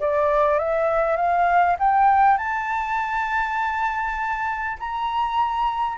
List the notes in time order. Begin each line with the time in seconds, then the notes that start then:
0.00 D5
0.59 E5
1.17 F5
1.80 G5
2.38 A5
4.80 A#5